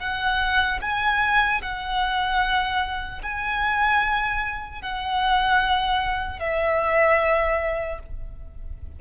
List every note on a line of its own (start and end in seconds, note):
0.00 0.80 F#5
0.82 1.62 G#5
1.62 3.22 F#5
3.23 4.82 G#5
4.82 6.40 F#5
6.40 8.00 E5